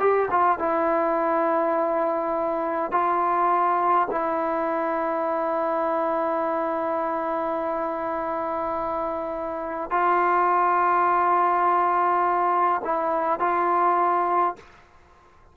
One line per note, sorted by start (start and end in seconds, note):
0.00 0.29 G4
0.31 0.59 F4
0.59 2.92 E4
2.92 4.08 F4
4.11 9.91 E4
9.91 12.82 F4
12.85 13.40 E4
13.40 14.57 F4